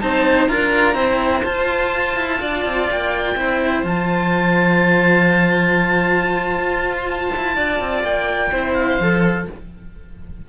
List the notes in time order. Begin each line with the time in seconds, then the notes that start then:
0.00 C4 D#4 C5 A5
0.48 D4 F4 A#4 A#5
0.94 C4 E4 C5
1.44 F4 A5
2.16 E4
2.40 D4 D5
2.65 C4
2.91 A#3 G5
3.36 C4 E4 C5
3.83 F3 F4 A5
6.58 F4
6.96 C6
7.09 A5
7.36 E4
7.56 D4 D5
7.80 C4
8.03 A#3 G5
8.50 C4 E4 C5
8.74 F5
8.99 F3 A4